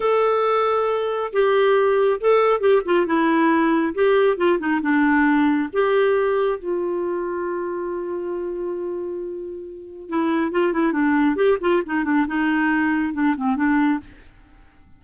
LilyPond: \new Staff \with { instrumentName = "clarinet" } { \time 4/4 \tempo 4 = 137 a'2. g'4~ | g'4 a'4 g'8 f'8 e'4~ | e'4 g'4 f'8 dis'8 d'4~ | d'4 g'2 f'4~ |
f'1~ | f'2. e'4 | f'8 e'8 d'4 g'8 f'8 dis'8 d'8 | dis'2 d'8 c'8 d'4 | }